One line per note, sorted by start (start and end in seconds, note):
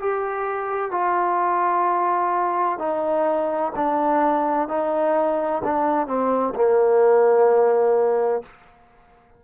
0.00 0.91 G4
0.91 2.79 F4
2.79 3.72 D#4
3.76 4.69 D4
4.69 5.62 D#4
5.65 6.07 D4
6.07 6.54 C4
6.55 8.43 A#3